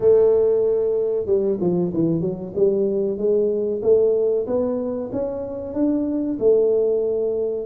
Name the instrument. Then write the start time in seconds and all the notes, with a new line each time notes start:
tuba
0.00 A3
1.26 G3
1.60 F3
1.93 E3
2.21 F#3
2.55 G3
3.17 G#3
3.82 A3
4.46 B3
5.12 C#4
5.73 D4
6.39 A3